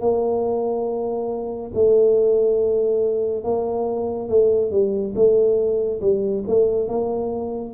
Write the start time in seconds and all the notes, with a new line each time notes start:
0.00 A#3
1.74 A3
3.44 A#3
4.29 A3
4.71 G3
5.15 A3
6.01 G3
6.48 A3
6.88 A#3